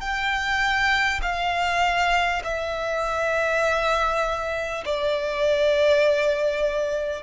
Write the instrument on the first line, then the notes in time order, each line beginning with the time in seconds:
violin
0.00 G5
1.22 F5
2.44 E5
4.85 D5